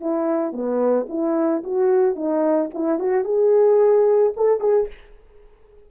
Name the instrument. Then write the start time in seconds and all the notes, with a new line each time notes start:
horn
0.00 E4
0.52 B3
1.08 E4
1.63 F#4
2.15 D#4
2.74 E4
2.99 F#4
3.24 G#4
4.36 A4
4.60 G#4